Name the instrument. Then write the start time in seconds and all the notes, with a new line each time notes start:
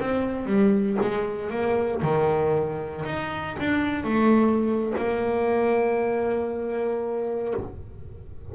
double bass
0.00 C4
0.46 G3
1.02 G#3
1.50 A#3
2.02 D#3
3.05 D#4
3.60 D4
4.04 A3
4.98 A#3